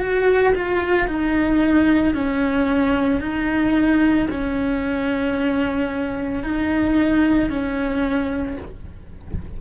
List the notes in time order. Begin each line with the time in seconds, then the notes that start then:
0.00 F#4
0.55 F4
1.08 D#4
2.14 C#4
3.21 D#4
4.30 C#4
6.44 D#4
7.50 C#4